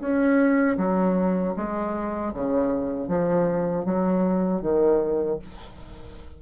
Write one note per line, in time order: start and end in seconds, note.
0.00 0.77 C#4
0.77 1.54 F#3
1.57 2.34 G#3
2.34 3.08 C#3
3.08 3.85 F3
3.85 4.62 F#3
4.62 5.39 D#3